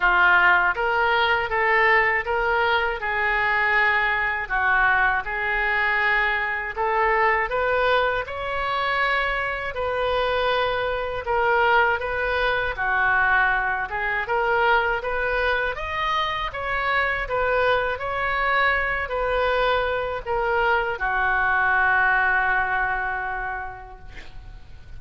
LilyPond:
\new Staff \with { instrumentName = "oboe" } { \time 4/4 \tempo 4 = 80 f'4 ais'4 a'4 ais'4 | gis'2 fis'4 gis'4~ | gis'4 a'4 b'4 cis''4~ | cis''4 b'2 ais'4 |
b'4 fis'4. gis'8 ais'4 | b'4 dis''4 cis''4 b'4 | cis''4. b'4. ais'4 | fis'1 | }